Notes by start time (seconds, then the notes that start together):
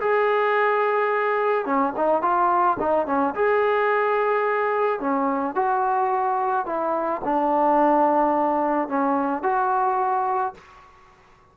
0.00 G#4
1.65 C#4
1.96 D#4
2.21 F4
2.79 D#4
3.06 C#4
3.34 G#4
4.99 C#4
5.55 F#4
6.66 E4
7.24 D4
8.88 C#4
9.43 F#4